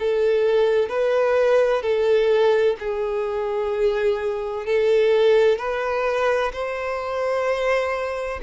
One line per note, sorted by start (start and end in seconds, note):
0.00 0.89 A4
0.89 1.83 B4
1.83 2.77 A4
2.80 4.66 G#4
4.66 5.59 A4
5.59 6.52 B4
6.53 8.41 C5